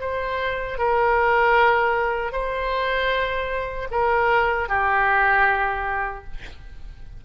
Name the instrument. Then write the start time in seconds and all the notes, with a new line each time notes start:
oboe
0.00 C5
0.78 A#4
2.32 C5
3.91 A#4
4.68 G4